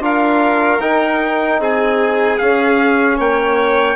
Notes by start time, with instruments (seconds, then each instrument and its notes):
0.00 bassoon D4, trombone F4, violin A#4, trumpet F5
0.80 bassoon D#4, trombone D#4, trumpet G5
1.59 bassoon C4, violin G#4, trumpet G#5
2.38 trombone C#4, bassoon C#4, trumpet F5
3.18 bassoon A#3, violin C#5, trumpet G5